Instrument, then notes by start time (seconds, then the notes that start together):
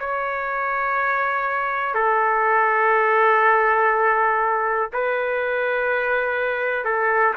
trumpet
0.00 C#5
1.95 A4
4.94 B4
6.85 A4